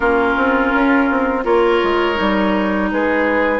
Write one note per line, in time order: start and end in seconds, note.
0.00 0.35 A#3
0.00 1.43 C#4
0.00 1.44 F4
0.00 1.43 A#4
0.36 0.72 C4
0.74 1.10 C#4
1.10 1.45 C4
1.43 1.81 A#3
1.43 2.15 F4
1.43 2.89 A#4
1.43 2.90 C#5
1.83 2.19 G#3
2.15 2.91 G3
2.15 3.59 D#4
2.91 3.59 G#3
2.91 3.59 G#4
2.91 3.59 B4